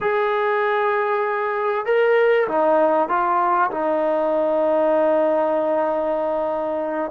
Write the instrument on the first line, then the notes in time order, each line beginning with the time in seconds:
trombone
0.00 G#4
1.85 A#4
2.47 D#4
3.08 F4
3.71 D#4